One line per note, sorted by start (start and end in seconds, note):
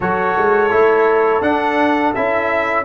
0.00 0.36 F#3
0.00 0.70 F#4
0.00 2.85 A4
0.00 1.42 C#5
0.37 0.72 G#3
0.70 1.41 A3
0.70 1.41 E4
1.41 2.12 D4
1.41 2.14 D4
1.41 2.13 F#5
2.14 2.85 C#4
2.14 2.85 E4
2.14 2.85 E5